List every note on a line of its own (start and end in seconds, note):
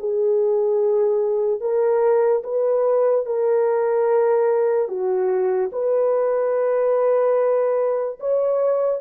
0.00 1.61 G#4
1.61 2.43 A#4
2.44 3.26 B4
3.26 4.88 A#4
4.88 5.70 F#4
5.73 8.19 B4
8.20 9.01 C#5